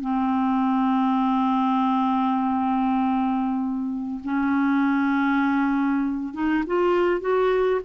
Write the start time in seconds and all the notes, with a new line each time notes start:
0.00 C4
4.23 C#4
6.33 D#4
6.66 F4
7.20 F#4